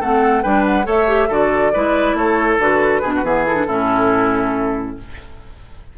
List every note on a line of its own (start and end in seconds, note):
0.00 0.45 A3
0.00 0.44 C4
0.00 0.43 A4
0.00 0.43 F#5
0.43 0.87 G3
0.43 0.85 D4
0.43 0.86 B4
0.43 0.65 G5
0.66 0.88 F#5
0.85 1.30 A3
0.85 1.06 A4
0.85 1.29 C#5
0.85 1.32 E5
1.07 1.29 G4
1.29 1.73 D3
1.29 1.74 F#4
1.29 1.72 A4
1.29 2.17 D5
1.74 2.14 G#3
1.74 2.60 E4
1.74 2.17 B4
2.14 2.57 A3
2.14 3.02 A4
2.14 2.61 C#5
2.59 3.03 D3
2.59 3.04 F#4
2.59 3.46 B4
3.02 3.24 B2
3.02 3.24 D4
3.02 3.13 G#4
3.16 3.25 F#4
3.24 3.67 E3
3.24 3.46 B3
3.24 3.67 G#4
3.46 3.56 E4
3.46 4.97 A4
3.56 3.67 D4
3.67 4.98 A2
3.67 4.98 C#4
3.67 4.96 E4